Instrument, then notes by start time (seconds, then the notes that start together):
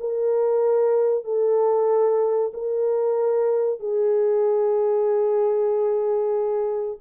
horn
0.00 A#4
1.24 A4
2.53 A#4
3.79 G#4